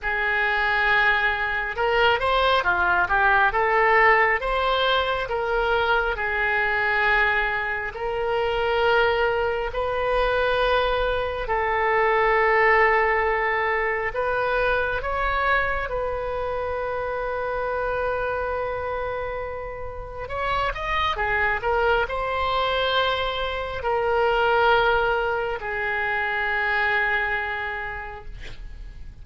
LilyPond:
\new Staff \with { instrumentName = "oboe" } { \time 4/4 \tempo 4 = 68 gis'2 ais'8 c''8 f'8 g'8 | a'4 c''4 ais'4 gis'4~ | gis'4 ais'2 b'4~ | b'4 a'2. |
b'4 cis''4 b'2~ | b'2. cis''8 dis''8 | gis'8 ais'8 c''2 ais'4~ | ais'4 gis'2. | }